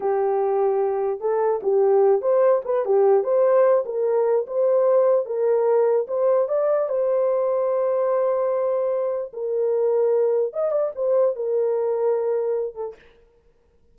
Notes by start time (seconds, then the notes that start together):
0.00 G4
1.20 A4
1.63 G4
2.21 C5
2.65 B4
2.85 G4
3.23 C5
3.85 A#4
4.46 C5
5.25 A#4
6.07 C5
6.48 D5
6.88 C5
9.33 A#4
10.53 D#5
10.71 D5
10.95 C5
11.35 A#4
12.74 A4